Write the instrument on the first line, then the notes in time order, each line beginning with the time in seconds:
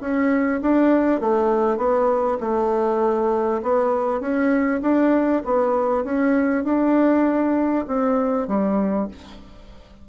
bassoon
0.00 C#4
0.61 D4
1.20 A3
1.77 B3
2.40 A3
3.62 B3
4.20 C#4
4.82 D4
5.45 B3
6.04 C#4
6.64 D4
7.87 C4
8.47 G3